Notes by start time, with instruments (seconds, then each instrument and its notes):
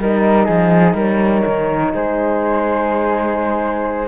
0.00 cello G3, horn D#4, flute A#4 D#5
0.46 cello F3, flute G#4
0.94 cello G3, flute A#4 C#5
1.47 cello D#3
1.94 cello G#3, flute G#4 C5